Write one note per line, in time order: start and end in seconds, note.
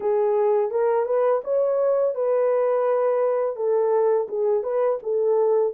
0.00 0.70 G#4
0.70 1.05 A#4
1.05 1.41 B4
1.44 2.15 C#5
2.15 3.56 B4
3.56 4.27 A4
4.28 4.63 G#4
4.63 4.98 B4
5.03 5.73 A4